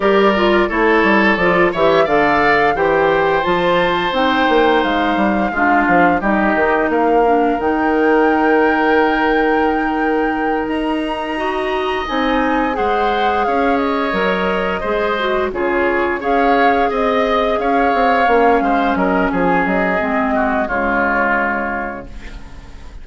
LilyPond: <<
  \new Staff \with { instrumentName = "flute" } { \time 4/4 \tempo 4 = 87 d''4 cis''4 d''8 e''8 f''4 | g''4 a''4 g''4 f''4~ | f''4 dis''4 f''4 g''4~ | g''2.~ g''8 ais''8~ |
ais''4. gis''4 fis''4 f''8 | dis''2~ dis''8 cis''4 f''8~ | f''8 dis''4 f''2 dis''8 | gis''8 dis''4. cis''2 | }
  \new Staff \with { instrumentName = "oboe" } { \time 4/4 ais'4 a'4. cis''8 d''4 | c''1 | f'4 g'4 ais'2~ | ais'1~ |
ais'8 dis''2 c''4 cis''8~ | cis''4. c''4 gis'4 cis''8~ | cis''8 dis''4 cis''4. c''8 ais'8 | gis'4. fis'8 f'2 | }
  \new Staff \with { instrumentName = "clarinet" } { \time 4/4 g'8 f'8 e'4 f'8 g'8 a'4 | g'4 f'4 dis'2 | d'4 dis'4. d'8 dis'4~ | dis'1~ |
dis'8 fis'4 dis'4 gis'4.~ | gis'8 ais'4 gis'8 fis'8 f'4 gis'8~ | gis'2~ gis'8 cis'4.~ | cis'4 c'4 gis2 | }
  \new Staff \with { instrumentName = "bassoon" } { \time 4/4 g4 a8 g8 f8 e8 d4 | e4 f4 c'8 ais8 gis8 g8 | gis8 f8 g8 dis8 ais4 dis4~ | dis2.~ dis8 dis'8~ |
dis'4. c'4 gis4 cis'8~ | cis'8 fis4 gis4 cis4 cis'8~ | cis'8 c'4 cis'8 c'8 ais8 gis8 fis8 | f8 fis8 gis4 cis2 | }
>>